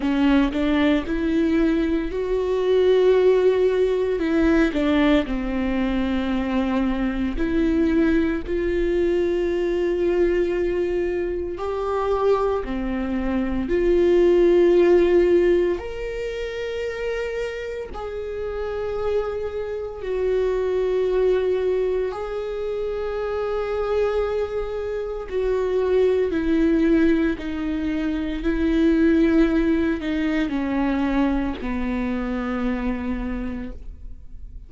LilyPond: \new Staff \with { instrumentName = "viola" } { \time 4/4 \tempo 4 = 57 cis'8 d'8 e'4 fis'2 | e'8 d'8 c'2 e'4 | f'2. g'4 | c'4 f'2 ais'4~ |
ais'4 gis'2 fis'4~ | fis'4 gis'2. | fis'4 e'4 dis'4 e'4~ | e'8 dis'8 cis'4 b2 | }